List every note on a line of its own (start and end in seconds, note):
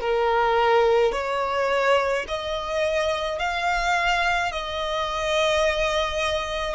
0.00 1.12 A#4
1.12 2.25 C#5
2.28 3.39 D#5
3.39 4.52 F5
4.52 6.75 D#5